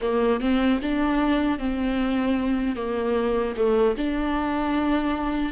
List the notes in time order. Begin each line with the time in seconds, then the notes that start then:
0.01 A#3
0.40 C4
0.82 D4
1.58 C4
2.76 A#3
3.56 A3
3.97 D4